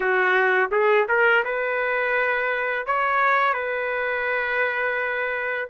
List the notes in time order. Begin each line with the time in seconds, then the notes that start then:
0.00 F#4
0.71 G#4
1.08 A#4
1.44 B4
2.86 C#5
3.53 B4